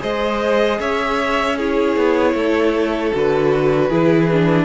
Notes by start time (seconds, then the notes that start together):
0.00 G#3 G#4 C5 D#5
0.79 C#4 C#5 E5
1.57 E4 G#4 C#5
1.96 B3
2.34 A3 A4
3.13 D3 F#4 B4
3.89 E3 E4 G#4
4.32 D4